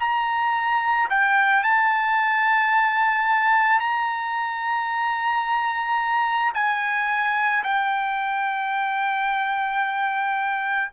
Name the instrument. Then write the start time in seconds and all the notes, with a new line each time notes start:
trumpet
0.00 A#5
1.10 G5
1.64 A5
3.80 A#5
6.55 G#5
7.64 G5